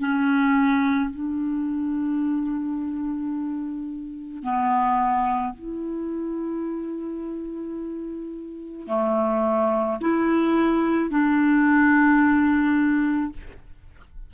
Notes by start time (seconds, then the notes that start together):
0.00 C#4
1.11 D4
4.43 B3
5.55 E4
8.88 A3
10.02 E4
11.11 D4